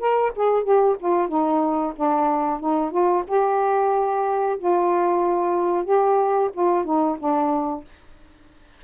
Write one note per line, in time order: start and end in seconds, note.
0.00 0.33 A#4
0.36 0.64 G#4
0.64 0.96 G4
1.00 1.28 F4
1.28 1.94 D#4
1.96 2.60 D4
2.60 2.91 D#4
2.91 3.24 F4
3.28 4.58 G4
4.59 5.85 F4
5.85 6.50 G4
6.54 6.85 F4
6.85 7.17 D#4
7.19 7.85 D4